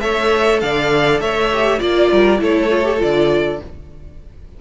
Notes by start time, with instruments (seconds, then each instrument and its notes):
0.00 cello A3, viola A4, violin C#5 E5
0.60 cello D3, violin D5 F5
1.20 cello A3, violin C#5 E5
1.53 viola G4
1.79 cello A#3, viola F4, violin D5
2.11 cello G3, violin A#4
2.38 cello A3, viola E4, violin A4 C#5
2.70 viola F4
2.84 viola G4
2.98 cello D3, viola F4, violin D5